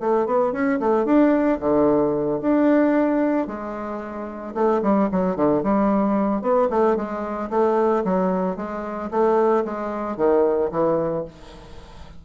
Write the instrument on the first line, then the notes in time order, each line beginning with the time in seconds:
bassoon
0.00 A3
0.26 B3
0.52 C#4
0.80 A3
1.05 D4
1.60 D3
2.41 D4
3.47 G#3
4.54 A3
4.82 G3
5.11 F#3
5.36 D3
5.63 G3
6.42 B3
6.70 A3
6.96 G#3
7.50 A3
8.05 F#3
8.56 G#3
9.11 A3
9.65 G#3
10.17 D#3
10.71 E3